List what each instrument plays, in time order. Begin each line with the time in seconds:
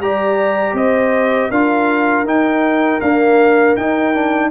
0.00 tuba G3, trombone G4, horn D5, trumpet A#5
0.74 tuba C4, horn C5, trumpet D#5
1.50 tuba D4, trombone F4, horn A#4, trumpet F5
2.25 tuba D#4, trombone D#4, trumpet G5
3.01 trombone A#3, tuba D4, trumpet F5
3.77 tuba D#4, trombone D#4, trumpet G5
4.15 trombone D4